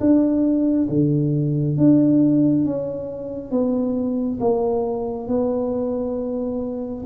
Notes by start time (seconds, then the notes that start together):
0.00 D4
0.89 D3
1.77 D4
2.65 C#4
3.51 B3
4.40 A#3
5.27 B3